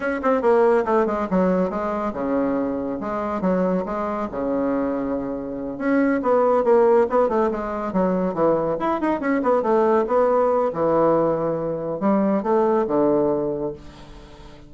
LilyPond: \new Staff \with { instrumentName = "bassoon" } { \time 4/4 \tempo 4 = 140 cis'8 c'8 ais4 a8 gis8 fis4 | gis4 cis2 gis4 | fis4 gis4 cis2~ | cis4. cis'4 b4 ais8~ |
ais8 b8 a8 gis4 fis4 e8~ | e8 e'8 dis'8 cis'8 b8 a4 b8~ | b4 e2. | g4 a4 d2 | }